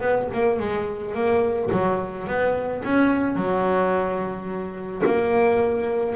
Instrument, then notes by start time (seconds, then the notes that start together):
double bass
0.00 B3
0.33 A#3
0.59 G#3
1.14 A#3
1.71 F#3
2.27 B3
2.84 C#4
3.35 F#3
5.05 A#3